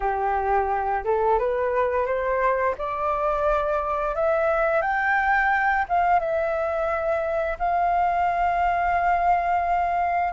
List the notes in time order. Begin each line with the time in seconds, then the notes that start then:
0.00 G4
1.04 A4
1.38 B4
2.05 C5
2.77 D5
4.15 E5
4.81 G5
5.88 F5
6.19 E5
7.59 F5